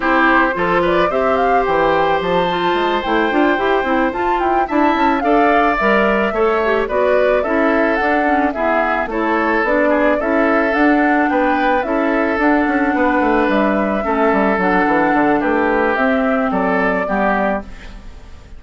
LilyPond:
<<
  \new Staff \with { instrumentName = "flute" } { \time 4/4 \tempo 4 = 109 c''4. d''8 e''8 f''8 g''4 | a''4. g''2 a''8 | g''8 a''4 f''4 e''4.~ | e''8 d''4 e''4 fis''4 e''8~ |
e''8 cis''4 d''4 e''4 fis''8~ | fis''8 g''4 e''4 fis''4.~ | fis''8 e''2 fis''4. | b'4 e''4 d''2 | }
  \new Staff \with { instrumentName = "oboe" } { \time 4/4 g'4 a'8 b'8 c''2~ | c''1~ | c''8 e''4 d''2 cis''8~ | cis''8 b'4 a'2 gis'8~ |
gis'8 a'4. gis'8 a'4.~ | a'8 b'4 a'2 b'8~ | b'4. a'2~ a'8 | g'2 a'4 g'4 | }
  \new Staff \with { instrumentName = "clarinet" } { \time 4/4 e'4 f'4 g'2~ | g'8 f'4 e'8 f'8 g'8 e'8 f'8~ | f'8 e'4 a'4 ais'4 a'8 | g'8 fis'4 e'4 d'8 cis'8 b8~ |
b8 e'4 d'4 e'4 d'8~ | d'4. e'4 d'4.~ | d'4. cis'4 d'4.~ | d'4 c'2 b4 | }
  \new Staff \with { instrumentName = "bassoon" } { \time 4/4 c'4 f4 c'4 e4 | f4 gis8 a8 d'8 e'8 c'8 f'8 | e'8 d'8 cis'8 d'4 g4 a8~ | a8 b4 cis'4 d'4 e'8~ |
e'8 a4 b4 cis'4 d'8~ | d'8 b4 cis'4 d'8 cis'8 b8 | a8 g4 a8 g8 fis8 e8 d8 | a4 c'4 fis4 g4 | }
>>